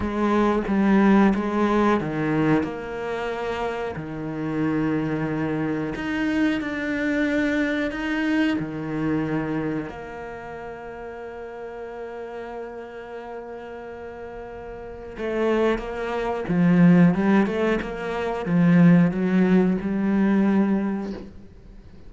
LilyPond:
\new Staff \with { instrumentName = "cello" } { \time 4/4 \tempo 4 = 91 gis4 g4 gis4 dis4 | ais2 dis2~ | dis4 dis'4 d'2 | dis'4 dis2 ais4~ |
ais1~ | ais2. a4 | ais4 f4 g8 a8 ais4 | f4 fis4 g2 | }